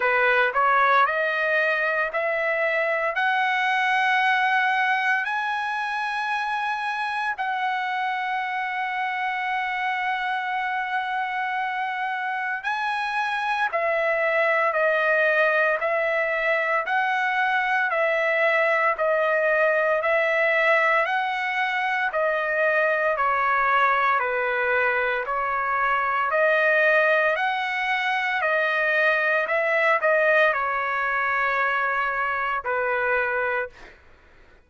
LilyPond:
\new Staff \with { instrumentName = "trumpet" } { \time 4/4 \tempo 4 = 57 b'8 cis''8 dis''4 e''4 fis''4~ | fis''4 gis''2 fis''4~ | fis''1 | gis''4 e''4 dis''4 e''4 |
fis''4 e''4 dis''4 e''4 | fis''4 dis''4 cis''4 b'4 | cis''4 dis''4 fis''4 dis''4 | e''8 dis''8 cis''2 b'4 | }